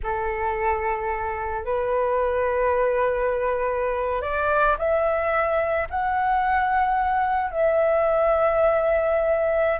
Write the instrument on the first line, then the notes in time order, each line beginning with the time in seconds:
flute
0.03 A4
1.64 B4
4.21 D5
4.78 E5
5.90 F#5
7.50 E5